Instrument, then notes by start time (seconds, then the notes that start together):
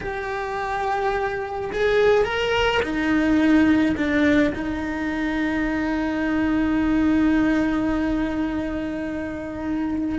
cello
0.01 G4
1.72 G#4
2.24 A#4
2.82 D#4
3.96 D4
4.54 D#4